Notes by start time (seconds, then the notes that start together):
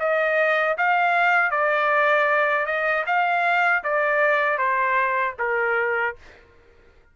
0.00 D#5
0.78 F5
1.51 D5
2.66 D#5
3.07 F5
3.84 D5
4.58 C5
5.40 A#4